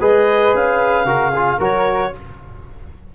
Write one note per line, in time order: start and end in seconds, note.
0.00 0.53 G#3
0.00 1.06 G#4
0.00 1.06 B4
0.00 0.55 D#5
0.54 1.05 C#4
0.54 1.61 F5
1.05 1.58 C#3
1.05 1.32 F#4
1.05 1.30 A#4
1.30 1.60 F4
1.30 1.57 G#4
1.58 2.12 F#3
1.58 2.13 F#4
1.58 2.11 A#4
1.58 2.15 C#5